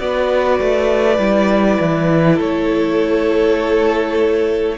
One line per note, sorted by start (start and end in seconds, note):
0.00 0.60 B3
0.00 1.19 F#4
0.00 2.36 B4
0.00 2.40 D5
0.60 1.19 A3
1.19 1.79 G3
1.19 4.79 E4
1.80 2.40 E3
2.36 4.79 A3
2.36 4.76 A4
2.36 4.79 C#5